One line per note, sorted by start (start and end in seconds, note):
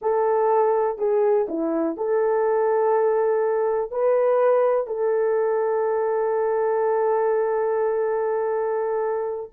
0.01 0.98 A4
0.98 1.46 G#4
1.48 1.96 E4
1.96 3.91 A4
3.91 4.86 B4
4.86 9.50 A4